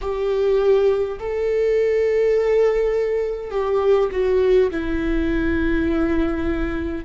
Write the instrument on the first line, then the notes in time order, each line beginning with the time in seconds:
viola
0.01 G4
1.19 A4
3.50 G4
4.11 F#4
4.71 E4